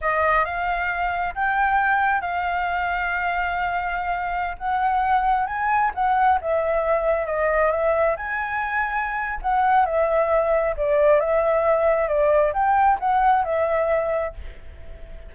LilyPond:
\new Staff \with { instrumentName = "flute" } { \time 4/4 \tempo 4 = 134 dis''4 f''2 g''4~ | g''4 f''2.~ | f''2~ f''16 fis''4.~ fis''16~ | fis''16 gis''4 fis''4 e''4.~ e''16~ |
e''16 dis''4 e''4 gis''4.~ gis''16~ | gis''4 fis''4 e''2 | d''4 e''2 d''4 | g''4 fis''4 e''2 | }